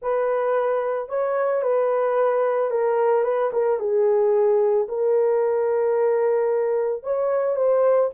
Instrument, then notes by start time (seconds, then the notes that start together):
horn
0.01 B4
1.08 C#5
1.62 B4
2.70 A#4
3.23 B4
3.52 A#4
3.79 G#4
4.88 A#4
7.03 C#5
7.56 C5